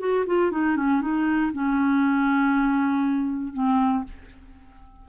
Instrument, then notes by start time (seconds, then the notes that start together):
clarinet
0.00 F#4
0.27 F4
0.52 D#4
0.77 C#4
1.01 D#4
1.53 C#4
3.53 C4